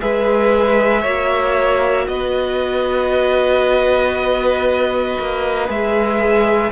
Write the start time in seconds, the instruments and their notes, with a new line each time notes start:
0.00 cello G#3, viola G#4, violin B4 E5
1.01 cello A#3, viola F#4, violin C#5
2.08 cello B3, violin B4 D#5
5.19 cello A#3
5.66 cello G#3, viola G#4, violin E5